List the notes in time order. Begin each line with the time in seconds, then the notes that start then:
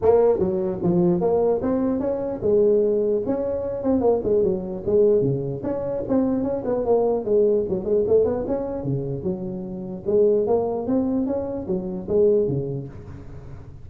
0.02 A#3
0.38 F#3
0.83 F3
1.20 A#3
1.61 C4
1.99 C#4
2.42 G#3
3.25 C#4
3.83 C4
4.00 A#3
4.23 G#3
4.43 F#3
4.86 G#3
5.21 C#3
5.63 C#4
6.08 C4
6.43 C#4
6.65 B3
6.85 A#3
7.24 G#3
7.68 F#3
7.84 G#3
8.07 A3
8.24 B3
8.47 C#4
8.83 C#3
9.23 F#3
10.06 G#3
10.47 A#3
10.87 C4
11.26 C#4
11.67 F#3
12.08 G#3
12.47 C#3